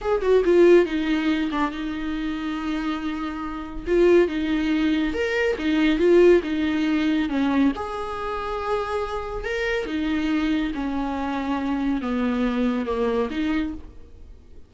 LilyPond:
\new Staff \with { instrumentName = "viola" } { \time 4/4 \tempo 4 = 140 gis'8 fis'8 f'4 dis'4. d'8 | dis'1~ | dis'4 f'4 dis'2 | ais'4 dis'4 f'4 dis'4~ |
dis'4 cis'4 gis'2~ | gis'2 ais'4 dis'4~ | dis'4 cis'2. | b2 ais4 dis'4 | }